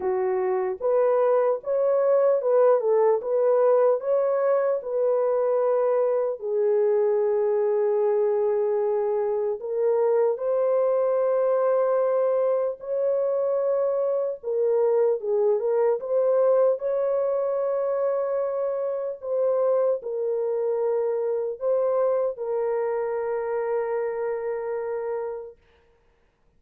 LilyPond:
\new Staff \with { instrumentName = "horn" } { \time 4/4 \tempo 4 = 75 fis'4 b'4 cis''4 b'8 a'8 | b'4 cis''4 b'2 | gis'1 | ais'4 c''2. |
cis''2 ais'4 gis'8 ais'8 | c''4 cis''2. | c''4 ais'2 c''4 | ais'1 | }